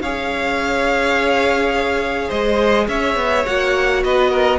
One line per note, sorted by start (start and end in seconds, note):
0.00 2.29 C#4
0.00 3.45 G#4
0.00 2.28 C#5
0.00 2.30 F5
2.28 2.87 G#3
2.28 2.85 C5
2.28 2.87 D#5
2.87 3.15 C#4
2.87 4.04 C#5
2.87 3.45 E5
3.15 3.44 B3
3.45 4.03 A#3
3.45 4.58 F#4
3.45 4.02 F#5
4.03 4.58 B3
4.03 4.30 B4
4.03 4.58 D#5
4.30 4.58 A#4